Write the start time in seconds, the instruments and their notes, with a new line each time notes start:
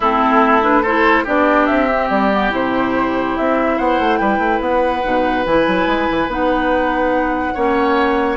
0.00 bassoon A3, clarinet C4, oboe E4, flute A4
0.62 clarinet D4, flute B4
0.82 clarinet E4, oboe A4, flute C5
1.24 bassoon B3, clarinet D4, oboe G4, flute D5
1.66 bassoon C4, flute E5
1.91 clarinet C4
2.09 bassoon G3, flute D5
2.32 clarinet B3
2.50 bassoon C3, clarinet E4, flute C5
3.36 bassoon C4, flute E5
3.77 bassoon B3, oboe C5, flute F#5
3.99 bassoon A3
4.17 bassoon G3, oboe B4, flute G5
4.38 bassoon A3
4.60 bassoon B3, flute F#5
5.02 bassoon B2, clarinet D#4
5.45 bassoon E3, clarinet E4, flute G#5
5.67 bassoon F#3
5.87 bassoon G#3
6.10 bassoon E3
6.27 bassoon B3, clarinet D#4, flute F#5
7.54 bassoon A#3, clarinet C#4, oboe C#5